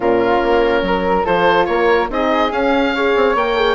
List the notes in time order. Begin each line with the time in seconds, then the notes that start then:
0.00 A#2 C#4 F4 A#4
0.42 A#3
0.82 F#3 A#4
1.24 F3 F4 A4 C5
1.65 A#3 A#4 C#5
2.09 C4 D#4 G#4 D#5
2.50 C#4 F5
2.94 G#4 C#5
3.15 C4
3.35 A#3 A#4 G5
3.56 G#4